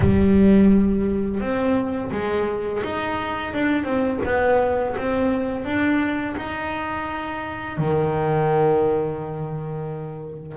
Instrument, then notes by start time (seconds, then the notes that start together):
double bass
0.00 G3
1.40 C4
2.11 G#3
2.83 D#4
3.53 D4
3.83 C4
4.24 B3
4.97 C4
5.64 D4
6.36 D#4
7.77 D#3